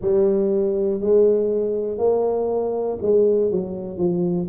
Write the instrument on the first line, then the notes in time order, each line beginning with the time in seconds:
tuba
0.00 G3
1.00 G#3
1.98 A#3
3.01 G#3
3.51 F#3
3.97 F3